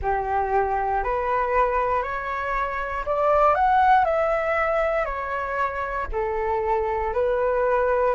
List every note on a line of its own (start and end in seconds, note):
0.01 1.03 G4
1.04 2.02 B4
2.02 3.04 C#5
3.05 3.54 D5
3.54 4.04 F#5
4.04 5.05 E5
5.05 6.06 C#5
6.12 7.13 A4
7.13 8.14 B4